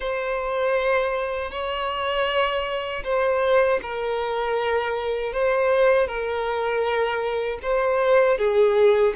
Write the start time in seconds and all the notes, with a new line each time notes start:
0.00 C5
1.51 C#5
3.04 C5
3.82 A#4
5.33 C5
6.07 A#4
7.62 C5
8.38 G#4